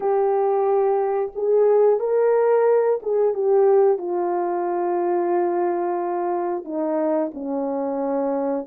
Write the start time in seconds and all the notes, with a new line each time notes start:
0.00 G4
1.35 G#4
1.99 A#4
3.02 G#4
3.34 G4
3.98 F4
6.64 D#4
7.33 C#4